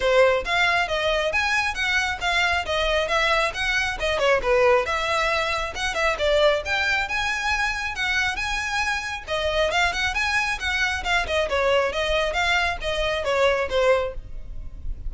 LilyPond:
\new Staff \with { instrumentName = "violin" } { \time 4/4 \tempo 4 = 136 c''4 f''4 dis''4 gis''4 | fis''4 f''4 dis''4 e''4 | fis''4 dis''8 cis''8 b'4 e''4~ | e''4 fis''8 e''8 d''4 g''4 |
gis''2 fis''4 gis''4~ | gis''4 dis''4 f''8 fis''8 gis''4 | fis''4 f''8 dis''8 cis''4 dis''4 | f''4 dis''4 cis''4 c''4 | }